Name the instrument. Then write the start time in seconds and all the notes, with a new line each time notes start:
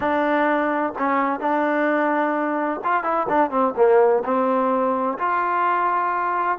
trombone
0.00 D4
0.98 C#4
1.40 D4
2.84 F4
3.03 E4
3.29 D4
3.50 C4
3.76 A#3
4.24 C4
5.18 F4